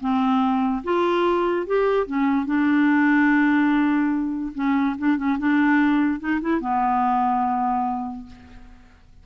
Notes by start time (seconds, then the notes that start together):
0.00 C4
0.84 F4
1.66 G4
2.06 C#4
2.45 D4
4.54 C#4
4.98 D4
5.17 C#4
5.38 D4
6.19 D#4
6.41 E4
6.60 B3